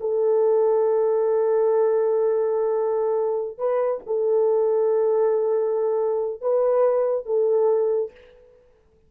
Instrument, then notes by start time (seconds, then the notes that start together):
horn
0.00 A4
3.58 B4
4.06 A4
6.41 B4
7.25 A4